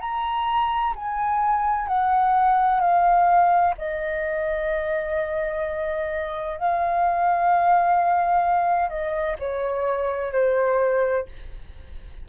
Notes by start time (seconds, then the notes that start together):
0.00 A#5
0.95 G#5
1.87 F#5
2.80 F5
3.78 D#5
6.58 F5
8.89 D#5
9.39 C#5
10.32 C5